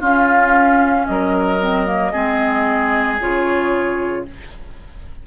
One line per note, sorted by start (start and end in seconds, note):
0.00 1.58 C#4
0.00 1.06 C#4
0.00 1.05 F4
0.00 1.06 F5
1.06 2.14 F#3
1.06 2.12 A#4
1.06 3.17 D#5
1.60 1.86 C4
1.86 2.12 A#3
2.12 3.20 G#3
2.12 3.19 C4
2.12 4.23 G#4
3.20 4.26 C#3
3.20 4.25 F4
3.20 4.25 C#5